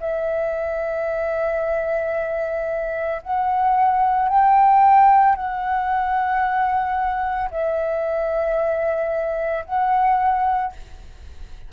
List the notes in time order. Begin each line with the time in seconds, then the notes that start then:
0.00 E5
3.22 F#5
4.28 G5
5.36 F#5
7.50 E5
9.65 F#5